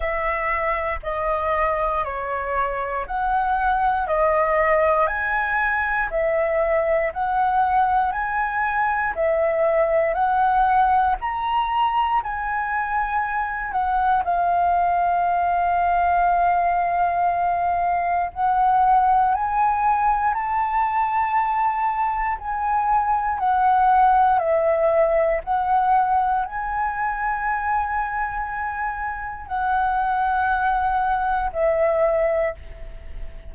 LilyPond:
\new Staff \with { instrumentName = "flute" } { \time 4/4 \tempo 4 = 59 e''4 dis''4 cis''4 fis''4 | dis''4 gis''4 e''4 fis''4 | gis''4 e''4 fis''4 ais''4 | gis''4. fis''8 f''2~ |
f''2 fis''4 gis''4 | a''2 gis''4 fis''4 | e''4 fis''4 gis''2~ | gis''4 fis''2 e''4 | }